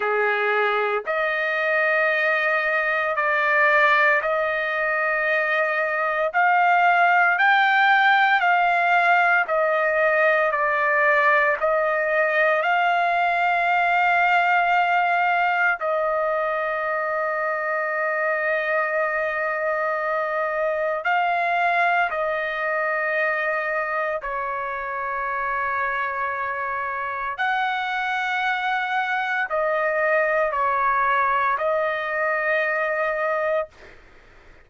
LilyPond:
\new Staff \with { instrumentName = "trumpet" } { \time 4/4 \tempo 4 = 57 gis'4 dis''2 d''4 | dis''2 f''4 g''4 | f''4 dis''4 d''4 dis''4 | f''2. dis''4~ |
dis''1 | f''4 dis''2 cis''4~ | cis''2 fis''2 | dis''4 cis''4 dis''2 | }